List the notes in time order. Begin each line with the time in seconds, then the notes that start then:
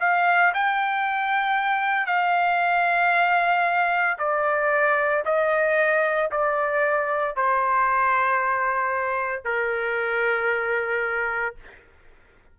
0.00 F5
0.54 G5
2.07 F5
4.18 D5
5.25 D#5
6.32 D5
7.36 C5
9.44 A#4